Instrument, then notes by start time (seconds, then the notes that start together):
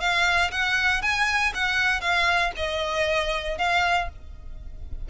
violin
0.00 F5
0.51 F#5
1.02 G#5
1.54 F#5
2.01 F5
2.56 D#5
3.58 F5